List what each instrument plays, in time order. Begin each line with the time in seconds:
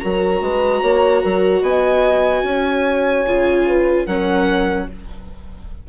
0.00 bassoon F#3, viola F#4, horn A#4, violin A#5
0.41 bassoon G#3, horn B4
0.81 bassoon A#3, horn C#5
1.21 bassoon F#3, horn A#4
1.62 bassoon B3, horn D#5, violin G#5
2.43 bassoon C#4, horn C#5
3.26 bassoon C#3, viola F4
3.67 horn B4
4.06 bassoon F#3, viola C#4, horn A#4, violin F#5